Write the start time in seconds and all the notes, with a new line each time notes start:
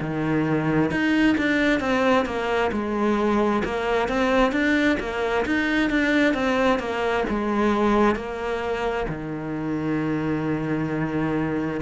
0.00 D#3
0.90 D#4
1.37 D4
1.80 C4
2.25 A#3
2.71 G#3
3.64 A#3
4.08 C4
4.52 D4
5.00 A#3
5.45 D#4
5.90 D4
6.34 C4
6.79 A#3
7.29 G#3
8.15 A#3
9.08 D#3